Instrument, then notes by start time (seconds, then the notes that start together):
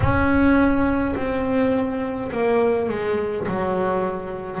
double bass
0.00 C#4
1.15 C4
2.31 A#3
2.89 G#3
3.48 F#3